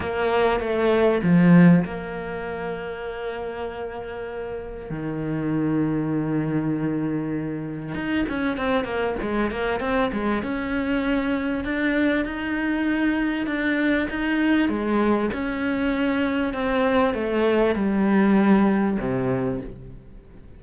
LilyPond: \new Staff \with { instrumentName = "cello" } { \time 4/4 \tempo 4 = 98 ais4 a4 f4 ais4~ | ais1 | dis1~ | dis4 dis'8 cis'8 c'8 ais8 gis8 ais8 |
c'8 gis8 cis'2 d'4 | dis'2 d'4 dis'4 | gis4 cis'2 c'4 | a4 g2 c4 | }